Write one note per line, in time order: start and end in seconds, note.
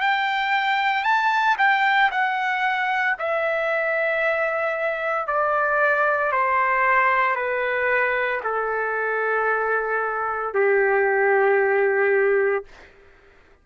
0.00 1.03 G5
1.03 1.56 A5
1.57 2.10 G5
2.11 3.16 F#5
3.19 5.27 E5
5.27 6.32 D5
6.32 7.35 C5
7.35 8.41 B4
8.44 10.54 A4
10.54 12.64 G4